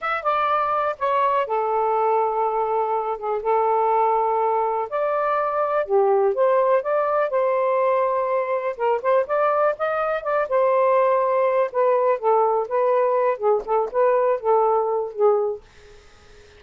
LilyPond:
\new Staff \with { instrumentName = "saxophone" } { \time 4/4 \tempo 4 = 123 e''8 d''4. cis''4 a'4~ | a'2~ a'8 gis'8 a'4~ | a'2 d''2 | g'4 c''4 d''4 c''4~ |
c''2 ais'8 c''8 d''4 | dis''4 d''8 c''2~ c''8 | b'4 a'4 b'4. gis'8 | a'8 b'4 a'4. gis'4 | }